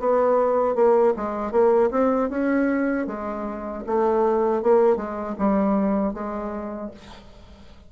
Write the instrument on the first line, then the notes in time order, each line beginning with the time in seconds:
bassoon
0.00 B3
0.76 A#3
1.17 G#3
1.52 A#3
1.91 C4
2.30 C#4
3.07 G#3
3.87 A3
4.63 A#3
4.97 G#3
5.39 G3
6.14 G#3